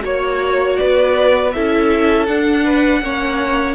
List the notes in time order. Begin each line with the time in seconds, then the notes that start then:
0.00 A#3 F#4 C#5
0.76 B3 B4 D5
1.52 C#4 E4 A4 E5
2.26 D4 F#5
2.64 B4
3.01 A#3 C#4 C#5